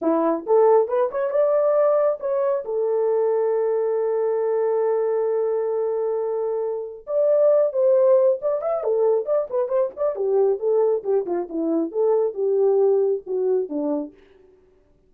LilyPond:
\new Staff \with { instrumentName = "horn" } { \time 4/4 \tempo 4 = 136 e'4 a'4 b'8 cis''8 d''4~ | d''4 cis''4 a'2~ | a'1~ | a'1 |
d''4. c''4. d''8 e''8 | a'4 d''8 b'8 c''8 d''8 g'4 | a'4 g'8 f'8 e'4 a'4 | g'2 fis'4 d'4 | }